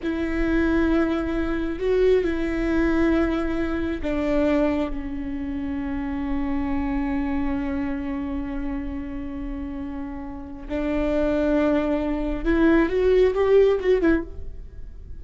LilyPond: \new Staff \with { instrumentName = "viola" } { \time 4/4 \tempo 4 = 135 e'1 | fis'4 e'2.~ | e'4 d'2 cis'4~ | cis'1~ |
cis'1~ | cis'1 | d'1 | e'4 fis'4 g'4 fis'8 e'8 | }